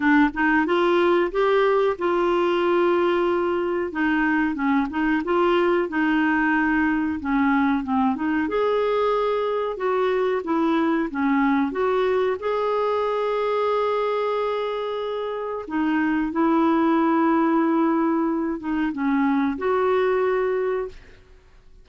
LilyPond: \new Staff \with { instrumentName = "clarinet" } { \time 4/4 \tempo 4 = 92 d'8 dis'8 f'4 g'4 f'4~ | f'2 dis'4 cis'8 dis'8 | f'4 dis'2 cis'4 | c'8 dis'8 gis'2 fis'4 |
e'4 cis'4 fis'4 gis'4~ | gis'1 | dis'4 e'2.~ | e'8 dis'8 cis'4 fis'2 | }